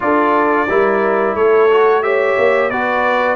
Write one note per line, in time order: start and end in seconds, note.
0.00 0.68 D4
0.00 0.67 F4
0.00 0.69 A4
0.00 1.35 D5
0.69 1.34 G3
0.69 1.70 E4
0.69 1.36 A#4
1.34 2.35 A3
1.34 2.03 A4
1.34 2.02 C#5
1.71 2.02 F#4
2.02 2.70 G4
2.02 2.70 C#5
2.02 2.70 E5
2.38 2.71 A#3
2.70 3.35 B3
2.70 3.35 F#4
2.70 3.35 B4
2.70 3.35 D5